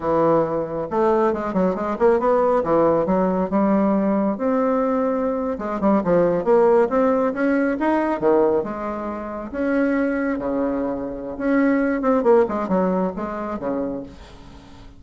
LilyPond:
\new Staff \with { instrumentName = "bassoon" } { \time 4/4 \tempo 4 = 137 e2 a4 gis8 fis8 | gis8 ais8 b4 e4 fis4 | g2 c'2~ | c'8. gis8 g8 f4 ais4 c'16~ |
c'8. cis'4 dis'4 dis4 gis16~ | gis4.~ gis16 cis'2 cis16~ | cis2 cis'4. c'8 | ais8 gis8 fis4 gis4 cis4 | }